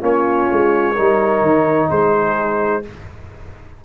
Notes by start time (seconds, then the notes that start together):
0.00 A#3 C#4 F4 C#5
0.52 G#3
0.94 G3 D#4 A#4
1.41 D#3
1.89 G#3 G#4 C5